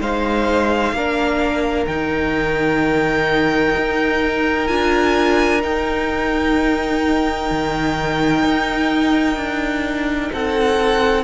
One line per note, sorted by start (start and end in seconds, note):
0.00 0.92 G#3
0.00 0.96 D#4
0.00 0.94 C5
0.00 1.86 F5
0.92 1.86 A#3
0.92 1.88 D4
0.92 10.32 A#4
1.86 3.74 D#3
1.86 4.68 D#4
1.86 4.67 G5
3.76 4.69 D#4
4.67 5.63 D4
4.67 5.61 F4
4.67 5.61 G#5
5.61 11.23 D#4
5.61 7.51 D#4
5.61 10.31 G5
7.51 8.44 D#3
8.44 9.36 D#4
9.36 10.30 D4
10.32 11.24 C4
10.32 11.24 A4
10.32 11.24 F#5